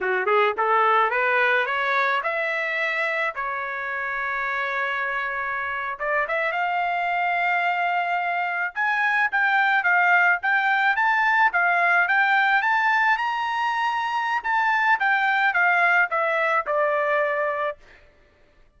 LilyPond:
\new Staff \with { instrumentName = "trumpet" } { \time 4/4 \tempo 4 = 108 fis'8 gis'8 a'4 b'4 cis''4 | e''2 cis''2~ | cis''2~ cis''8. d''8 e''8 f''16~ | f''2.~ f''8. gis''16~ |
gis''8. g''4 f''4 g''4 a''16~ | a''8. f''4 g''4 a''4 ais''16~ | ais''2 a''4 g''4 | f''4 e''4 d''2 | }